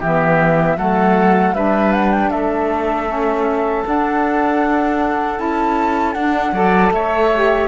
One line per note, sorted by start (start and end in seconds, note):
0.00 0.77 E3
0.00 0.78 B3
0.00 0.77 G4
0.00 0.78 E5
0.77 1.53 F#3
0.77 1.55 A3
0.77 1.55 A4
0.77 1.54 F#5
1.53 2.30 G3
1.53 3.08 D4
1.53 2.31 B4
1.53 1.92 E5
1.92 2.12 F#5
2.12 2.30 G5
2.30 3.84 A3
2.30 6.54 A4
2.30 3.84 E5
3.08 3.85 C#4
3.86 5.37 D4
3.86 5.40 D4
3.86 5.40 F#5
5.37 6.15 C#4
5.37 6.14 E4
5.37 6.13 A5
6.13 6.53 D4
6.13 6.55 D4
6.13 6.90 F#5
6.53 6.91 F#3
6.53 7.32 A4
6.53 6.92 D5
6.92 7.68 A3
6.92 7.68 C#5
6.92 7.68 E5
7.34 7.68 G4